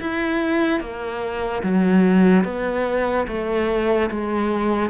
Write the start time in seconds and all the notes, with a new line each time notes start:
0.00 E4
0.80 A#3
1.63 F#3
2.44 B3
3.27 A3
4.10 G#3